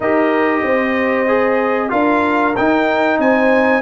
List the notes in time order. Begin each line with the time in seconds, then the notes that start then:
0.00 D#4 G4 A#4 D#5
0.62 C4 C5
1.27 G#4
1.89 D4 F4 A#4 F5
2.56 D#4 G5
3.18 C4 C5 G#5